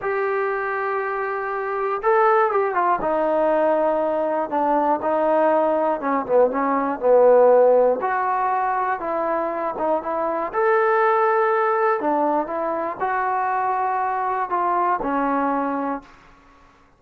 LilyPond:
\new Staff \with { instrumentName = "trombone" } { \time 4/4 \tempo 4 = 120 g'1 | a'4 g'8 f'8 dis'2~ | dis'4 d'4 dis'2 | cis'8 b8 cis'4 b2 |
fis'2 e'4. dis'8 | e'4 a'2. | d'4 e'4 fis'2~ | fis'4 f'4 cis'2 | }